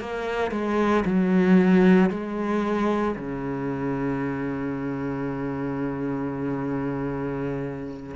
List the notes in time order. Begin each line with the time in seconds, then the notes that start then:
0.00 A#3
0.51 G#3
1.05 F#3
2.10 G#3
3.16 C#3